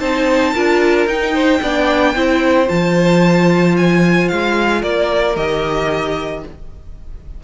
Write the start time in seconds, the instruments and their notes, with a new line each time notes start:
0.00 cello C4, viola D#4, violin C5 A5
0.54 cello D4, viola F4, violin A#4
1.07 cello D#4, viola D#4, violin G5
1.34 violin C5
1.62 cello B3, viola D4, violin D5
2.15 cello C4, viola E4, violin C5
2.66 cello F3, viola F4, violin A5
3.77 violin G#5
4.29 cello G#3, violin F5
4.80 cello A#3, violin A#4 D5
5.36 cello D#3, viola G4, violin D#5